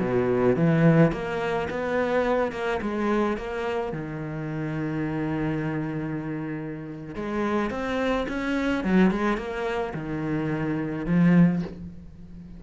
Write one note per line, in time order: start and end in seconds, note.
0.00 0.56 B2
0.56 1.12 E3
1.12 1.68 A#3
1.70 2.52 B3
2.52 2.80 A#3
2.82 3.37 G#3
3.37 3.93 A#3
3.93 7.15 D#3
7.15 7.71 G#3
7.71 8.27 C4
8.28 8.84 C#4
8.84 9.11 F#3
9.11 9.37 G#3
9.37 9.94 A#3
9.94 11.06 D#3
11.06 11.63 F3